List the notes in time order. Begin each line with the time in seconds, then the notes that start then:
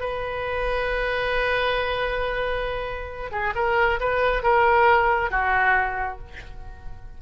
0.00 B4
3.31 G#4
3.55 A#4
4.00 B4
4.43 A#4
5.31 F#4